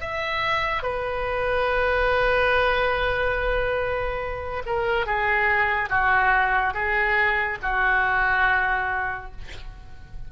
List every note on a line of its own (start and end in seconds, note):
0.00 0.82 E5
0.82 4.62 B4
4.66 5.06 A#4
5.06 5.89 G#4
5.89 6.73 F#4
6.73 7.58 G#4
7.62 9.31 F#4